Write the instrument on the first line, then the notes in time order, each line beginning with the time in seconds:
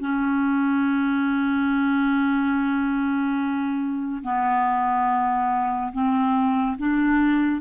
clarinet
0.00 C#4
4.23 B3
5.93 C4
6.78 D4